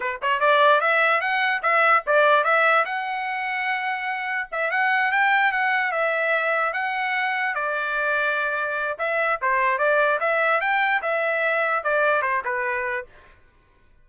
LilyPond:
\new Staff \with { instrumentName = "trumpet" } { \time 4/4 \tempo 4 = 147 b'8 cis''8 d''4 e''4 fis''4 | e''4 d''4 e''4 fis''4~ | fis''2. e''8 fis''8~ | fis''8 g''4 fis''4 e''4.~ |
e''8 fis''2 d''4.~ | d''2 e''4 c''4 | d''4 e''4 g''4 e''4~ | e''4 d''4 c''8 b'4. | }